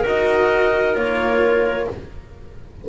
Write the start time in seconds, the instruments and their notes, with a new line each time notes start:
0.00 cello F#4, clarinet A#4
0.06 double bass D#4, clarinet D#5
0.94 double bass A#3, cello F4, clarinet C#5